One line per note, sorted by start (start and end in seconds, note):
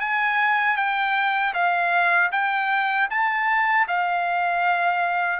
0.00 0.77 G#5
0.77 1.53 G5
1.54 2.31 F5
2.32 3.09 G5
3.10 3.87 A5
3.88 5.40 F5